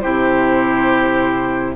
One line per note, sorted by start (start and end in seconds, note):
0.00 1.75 C3
0.00 1.75 E4
0.00 1.75 G4
0.00 1.74 C5